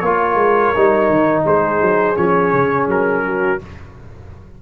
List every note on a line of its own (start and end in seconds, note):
0.00 0.35 A#3
0.00 0.76 F4
0.00 1.43 C#5
0.07 1.45 A#4
0.35 0.70 G#3
0.76 1.10 G3
0.76 2.16 D#4
1.10 1.46 D#3
1.45 1.82 G#3
1.45 3.24 G#4
1.45 2.17 C5
1.82 2.17 F#3
2.16 2.53 F3
2.16 3.59 C#4
2.16 2.88 C#5
2.53 2.88 C#3
2.88 3.60 F#3
2.88 3.62 A#4
3.26 3.62 F#4